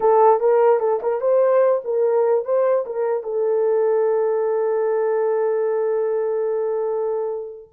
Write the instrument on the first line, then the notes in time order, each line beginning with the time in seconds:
horn
0.00 A4
0.39 A#4
0.79 A4
1.02 A#4
1.21 C5
1.84 A#4
2.44 C5
2.85 A#4
3.23 A4